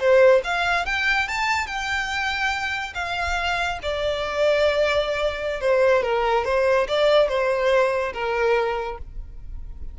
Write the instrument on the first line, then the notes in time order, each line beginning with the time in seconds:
violin
0.00 C5
0.45 F5
0.86 G5
1.29 A5
1.67 G5
2.95 F5
3.83 D5
5.61 C5
6.03 A#4
6.46 C5
6.89 D5
7.29 C5
8.14 A#4